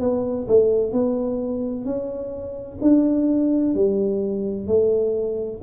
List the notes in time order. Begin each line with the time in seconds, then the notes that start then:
0.00 B3
0.48 A3
0.92 B3
1.85 C#4
2.82 D4
3.75 G3
4.67 A3